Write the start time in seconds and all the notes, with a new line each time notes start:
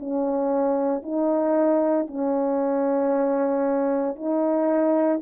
0.00 C#4
1.03 D#4
2.08 C#4
4.16 D#4